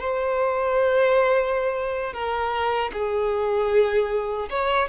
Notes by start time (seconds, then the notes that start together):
0.00 C5
2.13 A#4
2.93 G#4
4.50 C#5